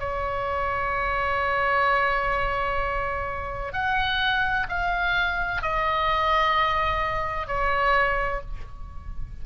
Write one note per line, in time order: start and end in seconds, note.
0.00 3.73 C#5
3.73 4.67 F#5
4.69 5.62 F5
5.62 7.47 D#5
7.47 8.41 C#5